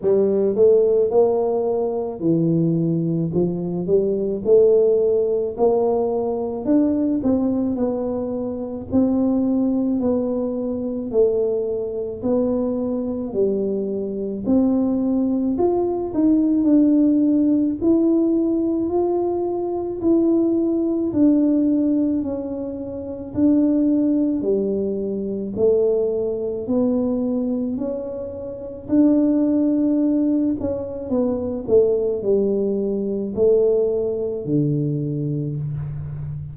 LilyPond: \new Staff \with { instrumentName = "tuba" } { \time 4/4 \tempo 4 = 54 g8 a8 ais4 e4 f8 g8 | a4 ais4 d'8 c'8 b4 | c'4 b4 a4 b4 | g4 c'4 f'8 dis'8 d'4 |
e'4 f'4 e'4 d'4 | cis'4 d'4 g4 a4 | b4 cis'4 d'4. cis'8 | b8 a8 g4 a4 d4 | }